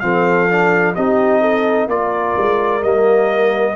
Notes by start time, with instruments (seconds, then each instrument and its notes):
0.00 tuba F3, trombone C4, horn A4, trumpet F5
0.49 trombone D4
0.95 tuba C4, trombone D#4, horn G4, trumpet D#5
1.41 horn A4
1.87 tuba A#3, trombone F4, horn A#4, trumpet D5
2.37 tuba G#3
2.82 tuba G3, trombone A#3, trumpet D#5